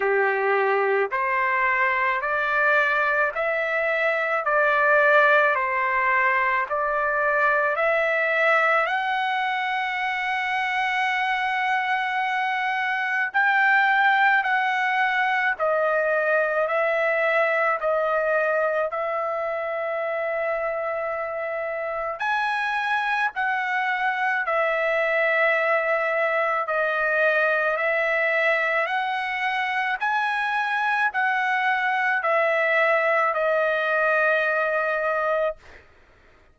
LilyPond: \new Staff \with { instrumentName = "trumpet" } { \time 4/4 \tempo 4 = 54 g'4 c''4 d''4 e''4 | d''4 c''4 d''4 e''4 | fis''1 | g''4 fis''4 dis''4 e''4 |
dis''4 e''2. | gis''4 fis''4 e''2 | dis''4 e''4 fis''4 gis''4 | fis''4 e''4 dis''2 | }